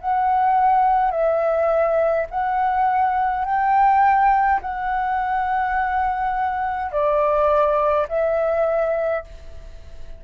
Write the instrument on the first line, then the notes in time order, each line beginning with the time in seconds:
flute
0.00 F#5
1.11 E5
2.30 F#5
3.45 G5
4.61 F#5
6.91 D5
8.09 E5